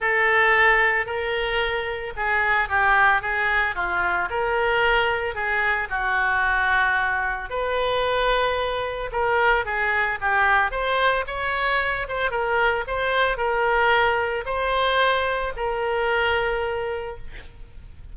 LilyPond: \new Staff \with { instrumentName = "oboe" } { \time 4/4 \tempo 4 = 112 a'2 ais'2 | gis'4 g'4 gis'4 f'4 | ais'2 gis'4 fis'4~ | fis'2 b'2~ |
b'4 ais'4 gis'4 g'4 | c''4 cis''4. c''8 ais'4 | c''4 ais'2 c''4~ | c''4 ais'2. | }